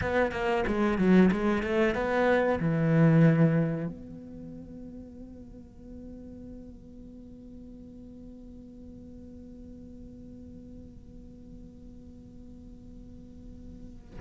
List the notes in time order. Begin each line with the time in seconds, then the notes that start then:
0.01 B3
0.31 A#3
0.67 G#3
0.98 F#3
1.31 G#3
1.62 A3
1.94 B3
2.60 E3
3.87 B3